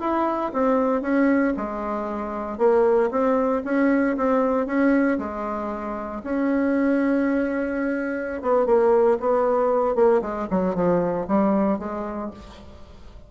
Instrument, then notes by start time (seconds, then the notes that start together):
bassoon
0.00 E4
0.54 C4
1.02 C#4
1.57 G#3
2.58 A#3
3.11 C4
3.65 C#4
4.17 C4
4.67 C#4
5.19 G#3
6.24 C#4
8.42 B3
8.66 A#3
9.20 B3
9.95 A#3
10.22 G#3
10.51 F#3
10.75 F3
11.28 G3
11.79 G#3